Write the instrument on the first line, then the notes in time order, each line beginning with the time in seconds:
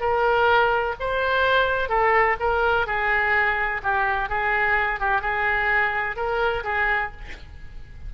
oboe
0.00 A#4
0.99 C5
1.89 A4
2.39 A#4
2.86 G#4
3.82 G4
4.29 G#4
4.99 G4
5.21 G#4
6.16 A#4
6.64 G#4